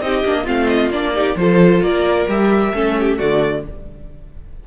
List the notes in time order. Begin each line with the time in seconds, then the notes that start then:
0.00 C4 D#4 G4 D#5
0.24 A#3 D4
0.44 A3 C4 F4 F5
0.67 D#5
0.90 A#3 D4 D5
1.14 D#4 G4
1.36 F3 F4 A4 C5
1.81 A#3 A#4 D5
2.27 G3 G4 E5
2.73 A3 C#4 A4
2.99 G4
3.18 D3 A3 F#4 D5